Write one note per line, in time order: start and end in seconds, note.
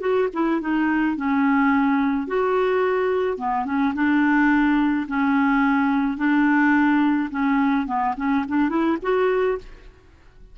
0.00 0.28 F#4
0.33 0.61 E4
0.61 1.16 D#4
1.16 2.27 C#4
2.27 3.37 F#4
3.37 3.65 B3
3.65 3.93 C#4
3.94 5.06 D4
5.07 6.17 C#4
6.17 7.29 D4
7.30 7.86 C#4
7.86 8.14 B3
8.17 8.45 C#4
8.48 8.69 D4
8.69 8.97 E4
9.02 9.58 F#4